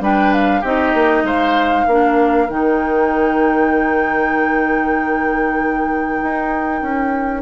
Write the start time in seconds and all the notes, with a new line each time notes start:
0.00 G3 D4 B4 G5
0.33 F5
0.60 C4 D#4 G4 D#5
0.94 A#3
1.23 G#3 C5 F5
1.86 A#3 D4 A#4
2.48 D#3 D#4 G5
6.23 D#4
6.82 C#4